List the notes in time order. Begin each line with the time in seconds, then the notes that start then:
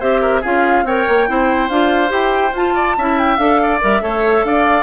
0.00 C4 G4 C5 E5
0.22 A#4
0.42 C#4 F4 G#4 F5
0.84 C4 A#4 C#5 G5
1.09 A#3
1.28 C4 E4 C5
1.70 D4 F4 F5
2.09 E4 G4 G5
2.53 F4 A5
2.75 D5
2.98 C#4 E4 E5
3.19 G5
3.37 D4 A4 F5
3.63 D5
3.81 G3 A#4 E5
4.02 A3 A4 C#5
4.44 D4 D5 F5